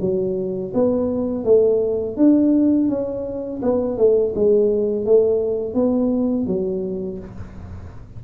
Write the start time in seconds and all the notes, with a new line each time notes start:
0.00 F#3
0.73 B3
1.44 A3
2.16 D4
2.88 C#4
3.62 B3
3.97 A3
4.35 G#3
5.05 A3
5.74 B3
6.46 F#3